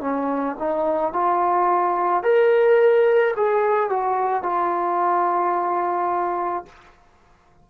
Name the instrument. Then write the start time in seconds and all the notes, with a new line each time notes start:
trombone
0.00 C#4
0.59 D#4
1.12 F4
2.23 A#4
3.36 G#4
3.89 F#4
4.42 F4